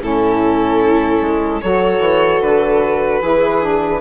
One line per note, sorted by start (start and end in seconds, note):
0.00 1.20 A2
0.00 1.61 C#4
0.00 1.61 E4
0.00 1.61 A4
1.21 1.61 G#3
1.61 1.99 F#3
1.61 3.21 F#4
1.61 3.21 A4
1.61 2.41 C#5
1.99 2.39 E3
2.40 3.20 D3
2.40 4.00 B4
3.21 4.00 E3
3.21 3.60 E4
3.21 4.00 G#4
3.60 4.00 D4